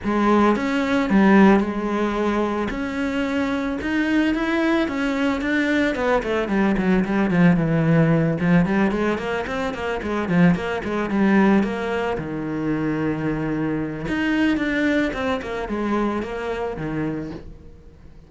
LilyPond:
\new Staff \with { instrumentName = "cello" } { \time 4/4 \tempo 4 = 111 gis4 cis'4 g4 gis4~ | gis4 cis'2 dis'4 | e'4 cis'4 d'4 b8 a8 | g8 fis8 g8 f8 e4. f8 |
g8 gis8 ais8 c'8 ais8 gis8 f8 ais8 | gis8 g4 ais4 dis4.~ | dis2 dis'4 d'4 | c'8 ais8 gis4 ais4 dis4 | }